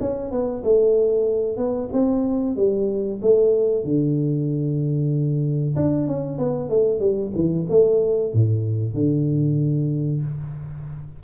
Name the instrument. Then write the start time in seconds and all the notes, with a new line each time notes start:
tuba
0.00 C#4
0.31 B3
0.64 A3
1.57 B3
1.92 C4
2.56 G3
3.22 A3
3.84 D3
5.76 D4
6.08 C#4
6.38 B3
6.69 A3
7.00 G3
7.35 E3
7.69 A3
8.34 A2
8.94 D3